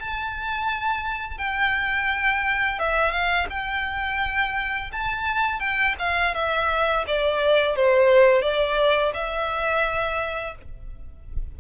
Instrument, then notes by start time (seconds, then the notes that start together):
violin
0.00 A5
1.38 G5
2.79 E5
3.12 F5
3.50 G5
4.93 A5
5.60 G5
6.00 F5
6.35 E5
7.07 D5
7.76 C5
8.42 D5
9.14 E5